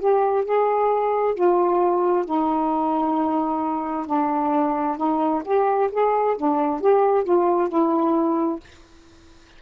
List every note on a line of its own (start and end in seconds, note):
0.00 0.45 G4
0.45 1.35 G#4
1.35 2.25 F4
2.25 4.07 D#4
4.07 4.97 D4
4.97 5.43 D#4
5.45 5.90 G4
5.91 6.37 G#4
6.37 6.81 D4
6.81 7.24 G4
7.24 7.69 F4
7.69 8.60 E4